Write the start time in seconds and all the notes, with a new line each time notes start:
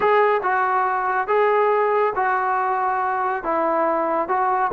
0.00 G#4
0.42 F#4
1.27 G#4
2.15 F#4
3.43 E4
4.28 F#4